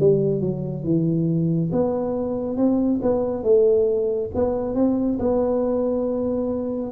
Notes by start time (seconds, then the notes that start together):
0.00 G3
0.41 F#3
0.84 E3
1.72 B3
2.57 C4
3.02 B3
3.44 A3
4.35 B3
4.75 C4
5.19 B3